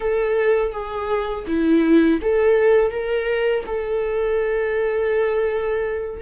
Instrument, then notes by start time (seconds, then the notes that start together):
viola
0.00 A4
0.72 G#4
1.47 E4
2.21 A4
2.90 A#4
3.66 A4